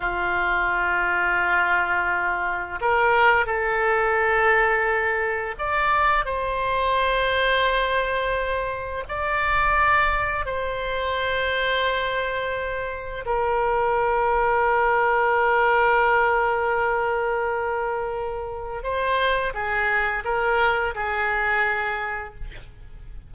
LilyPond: \new Staff \with { instrumentName = "oboe" } { \time 4/4 \tempo 4 = 86 f'1 | ais'4 a'2. | d''4 c''2.~ | c''4 d''2 c''4~ |
c''2. ais'4~ | ais'1~ | ais'2. c''4 | gis'4 ais'4 gis'2 | }